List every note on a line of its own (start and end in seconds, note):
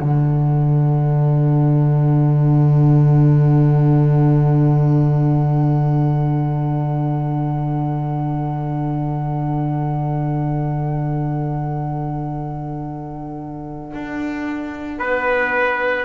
0.00 13.93 D3
0.00 16.05 D4
0.00 14.99 A4
0.00 16.05 F#5
13.94 14.99 D4
14.99 16.05 B3
14.99 16.05 B4